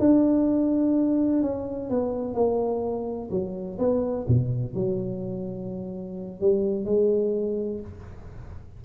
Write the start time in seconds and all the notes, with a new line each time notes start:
0.00 D4
1.43 C#4
1.90 B3
2.34 A#3
3.31 F#3
3.79 B3
4.28 B2
4.74 F#3
6.41 G3
6.85 G#3